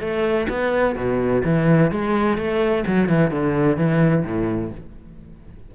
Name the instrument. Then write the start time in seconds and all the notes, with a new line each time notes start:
cello
0.00 A3
0.49 B3
0.96 B2
1.44 E3
1.91 G#3
2.37 A3
2.86 F#3
3.09 E3
3.30 D3
3.77 E3
4.25 A2